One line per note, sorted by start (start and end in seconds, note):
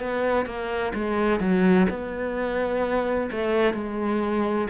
0.00 0.46 B3
0.46 0.93 A#3
0.95 1.40 G#3
1.40 1.87 F#3
1.90 3.31 B3
3.32 3.74 A3
3.74 4.68 G#3